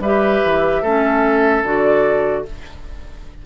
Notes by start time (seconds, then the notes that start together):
0.00 G3 G4 B4 E5
0.45 E3
0.82 A3 C#4 A4
1.64 D3 F#4 D5